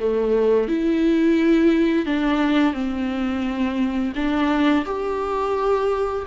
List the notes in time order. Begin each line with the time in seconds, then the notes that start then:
0.00 A3
0.68 E4
2.06 D4
2.73 C4
4.15 D4
4.85 G4